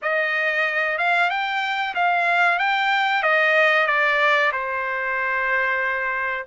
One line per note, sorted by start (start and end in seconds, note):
0.01 0.97 D#5
0.97 1.29 F5
1.29 1.94 G5
1.94 2.58 F5
2.58 3.23 G5
3.23 3.87 D#5
3.87 4.51 D5
4.52 6.45 C5